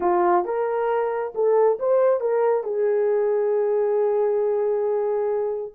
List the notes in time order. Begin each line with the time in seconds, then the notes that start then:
0.00 F4
0.45 A#4
1.35 A4
1.79 C5
2.20 A#4
2.63 G#4